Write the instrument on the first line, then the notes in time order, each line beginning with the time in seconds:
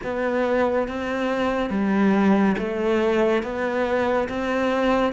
cello
0.03 B3
0.88 C4
1.69 G3
2.58 A3
3.42 B3
4.29 C4